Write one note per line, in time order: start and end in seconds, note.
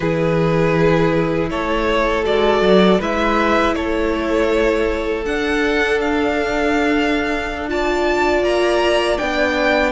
0.00 1.50 E3
0.00 2.23 E4
0.00 1.50 G#4
0.00 1.49 B4
1.50 2.25 A3
1.50 2.99 A4
1.50 2.25 C#5
2.23 2.61 G#3
2.23 2.98 F#4
2.23 3.00 D5
2.61 2.98 F#3
2.99 3.75 G#3
2.99 5.25 E4
2.99 3.74 B4
2.99 3.75 E5
3.75 5.24 A3
3.75 7.70 A4
3.75 5.25 C#5
5.24 8.42 D4
5.24 7.68 D4
5.24 6.00 F#5
6.00 7.69 F5
7.68 9.18 F4
7.68 9.91 D5
7.68 8.44 A5
8.42 9.17 A#3
8.42 9.17 A#5
9.17 9.91 B3
9.17 9.91 D4
9.17 9.91 G5